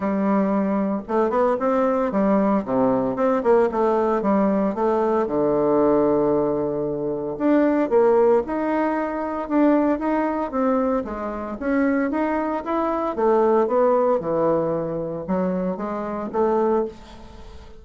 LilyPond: \new Staff \with { instrumentName = "bassoon" } { \time 4/4 \tempo 4 = 114 g2 a8 b8 c'4 | g4 c4 c'8 ais8 a4 | g4 a4 d2~ | d2 d'4 ais4 |
dis'2 d'4 dis'4 | c'4 gis4 cis'4 dis'4 | e'4 a4 b4 e4~ | e4 fis4 gis4 a4 | }